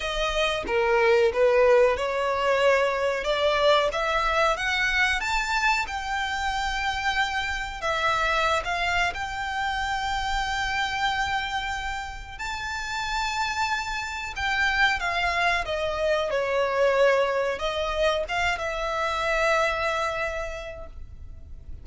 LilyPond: \new Staff \with { instrumentName = "violin" } { \time 4/4 \tempo 4 = 92 dis''4 ais'4 b'4 cis''4~ | cis''4 d''4 e''4 fis''4 | a''4 g''2. | e''4~ e''16 f''8. g''2~ |
g''2. a''4~ | a''2 g''4 f''4 | dis''4 cis''2 dis''4 | f''8 e''2.~ e''8 | }